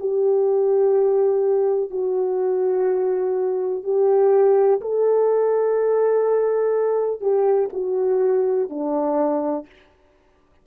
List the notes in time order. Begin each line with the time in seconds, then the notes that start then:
0.00 G4
1.91 F#4
3.84 G4
4.81 A4
7.21 G4
7.73 F#4
8.70 D4